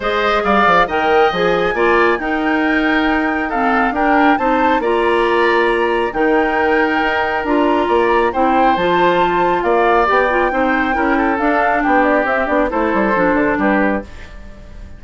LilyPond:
<<
  \new Staff \with { instrumentName = "flute" } { \time 4/4 \tempo 4 = 137 dis''4 f''4 g''4 gis''4~ | gis''4 g''2. | f''4 g''4 a''4 ais''4~ | ais''2 g''2~ |
g''4 ais''2 g''4 | a''2 f''4 g''4~ | g''2 f''4 g''8 d''8 | e''8 d''8 c''2 b'4 | }
  \new Staff \with { instrumentName = "oboe" } { \time 4/4 c''4 d''4 dis''2 | d''4 ais'2. | a'4 ais'4 c''4 d''4~ | d''2 ais'2~ |
ais'2 d''4 c''4~ | c''2 d''2 | c''4 ais'8 a'4. g'4~ | g'4 a'2 g'4 | }
  \new Staff \with { instrumentName = "clarinet" } { \time 4/4 gis'2 ais'4 gis'4 | f'4 dis'2. | c'4 d'4 dis'4 f'4~ | f'2 dis'2~ |
dis'4 f'2 e'4 | f'2. g'8 f'8 | dis'4 e'4 d'2 | c'8 d'8 e'4 d'2 | }
  \new Staff \with { instrumentName = "bassoon" } { \time 4/4 gis4 g8 f8 dis4 f4 | ais4 dis'2.~ | dis'4 d'4 c'4 ais4~ | ais2 dis2 |
dis'4 d'4 ais4 c'4 | f2 ais4 b4 | c'4 cis'4 d'4 b4 | c'8 b8 a8 g8 f8 d8 g4 | }
>>